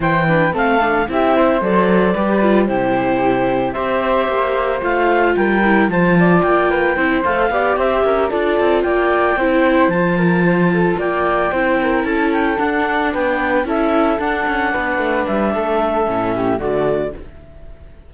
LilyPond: <<
  \new Staff \with { instrumentName = "clarinet" } { \time 4/4 \tempo 4 = 112 g''4 f''4 e''4 d''4~ | d''4 c''2 e''4~ | e''4 f''4 g''4 a''4 | g''4. f''4 e''4 d''8~ |
d''8 g''2 a''4.~ | a''8 g''2 a''8 g''8 fis''8~ | fis''8 g''4 e''4 fis''4.~ | fis''8 e''2~ e''8 d''4 | }
  \new Staff \with { instrumentName = "flute" } { \time 4/4 c''8 b'8 a'4 g'8 c''4. | b'4 g'2 c''4~ | c''2 ais'4 c''8 d''8~ | d''8 b'8 c''4 d''8 c''8 ais'8 a'8~ |
a'8 d''4 c''4. ais'8 c''8 | a'8 d''4 c''8 ais'8 a'4.~ | a'8 b'4 a'2 b'8~ | b'4 a'4. g'8 fis'4 | }
  \new Staff \with { instrumentName = "viola" } { \time 4/4 e'8 d'8 c'8 d'8 e'4 a'4 | g'8 f'8 e'2 g'4~ | g'4 f'4. e'8 f'4~ | f'4 e'8 a'8 g'4. f'8~ |
f'4. e'4 f'4.~ | f'4. e'2 d'8~ | d'4. e'4 d'4.~ | d'2 cis'4 a4 | }
  \new Staff \with { instrumentName = "cello" } { \time 4/4 e4 a4 c'4 fis4 | g4 c2 c'4 | ais4 a4 g4 f4 | ais4 c'8 a8 b8 c'8 cis'8 d'8 |
c'8 ais4 c'4 f4.~ | f8 ais4 c'4 cis'4 d'8~ | d'8 b4 cis'4 d'8 cis'8 b8 | a8 g8 a4 a,4 d4 | }
>>